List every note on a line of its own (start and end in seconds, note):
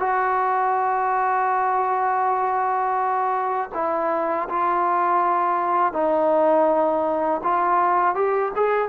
0.00 3.70 F#4
3.75 4.49 E4
4.49 5.93 F4
5.93 7.41 D#4
7.43 8.15 F4
8.15 8.52 G4
8.56 8.89 G#4